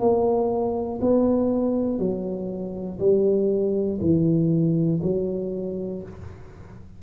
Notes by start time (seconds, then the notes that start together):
0.00 A#3
1.02 B3
2.00 F#3
3.00 G3
4.01 E3
5.03 F#3